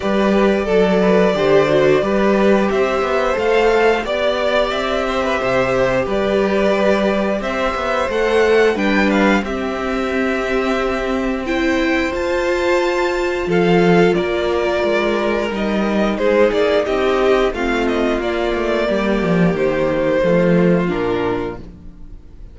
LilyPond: <<
  \new Staff \with { instrumentName = "violin" } { \time 4/4 \tempo 4 = 89 d''1 | e''4 f''4 d''4 e''4~ | e''4 d''2 e''4 | fis''4 g''8 f''8 e''2~ |
e''4 g''4 a''2 | f''4 d''2 dis''4 | c''8 d''8 dis''4 f''8 dis''8 d''4~ | d''4 c''2 ais'4 | }
  \new Staff \with { instrumentName = "violin" } { \time 4/4 b'4 a'8 b'8 c''4 b'4 | c''2 d''4. c''16 b'16 | c''4 b'2 c''4~ | c''4 b'4 g'2~ |
g'4 c''2. | a'4 ais'2. | gis'4 g'4 f'2 | g'2 f'2 | }
  \new Staff \with { instrumentName = "viola" } { \time 4/4 g'4 a'4 g'8 fis'8 g'4~ | g'4 a'4 g'2~ | g'1 | a'4 d'4 c'2~ |
c'4 e'4 f'2~ | f'2. dis'4~ | dis'2 c'4 ais4~ | ais2 a4 d'4 | }
  \new Staff \with { instrumentName = "cello" } { \time 4/4 g4 fis4 d4 g4 | c'8 b8 a4 b4 c'4 | c4 g2 c'8 b8 | a4 g4 c'2~ |
c'2 f'2 | f4 ais4 gis4 g4 | gis8 ais8 c'4 a4 ais8 a8 | g8 f8 dis4 f4 ais,4 | }
>>